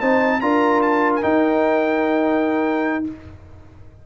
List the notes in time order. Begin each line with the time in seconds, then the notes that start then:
0.00 C4 D#4 C5 A5
0.40 D4 F4 A#4 A#5
0.81 A5
1.15 G#5
1.21 D#4 G5